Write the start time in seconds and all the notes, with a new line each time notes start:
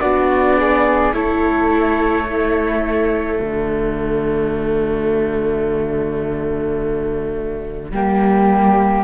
0.00 B3 D4 F#4 D5
0.57 G#4
1.13 A3 E4 A4 C#5
2.26 A3 E4
3.40 D3 F#4 D5
7.91 G3 A#3 G4